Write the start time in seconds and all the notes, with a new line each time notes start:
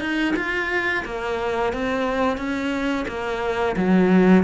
0.00 D#4
0.36 F4
1.04 A#3
1.73 C4
2.37 C#4
3.07 A#3
3.76 F#3